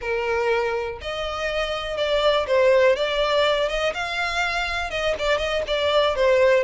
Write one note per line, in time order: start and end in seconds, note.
0.01 0.99 A#4
1.01 1.97 D#5
1.97 2.46 D5
2.47 2.96 C5
2.96 3.68 D5
3.68 3.93 D#5
3.94 4.90 F5
4.90 5.15 D#5
5.18 5.38 D5
5.38 5.62 D#5
5.67 6.15 D5
6.15 6.63 C5